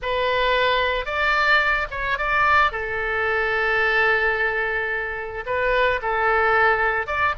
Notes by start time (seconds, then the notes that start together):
0.02 B4
1.05 D5
1.91 C#5
2.18 D5
2.71 A4
5.45 B4
6.02 A4
7.07 D5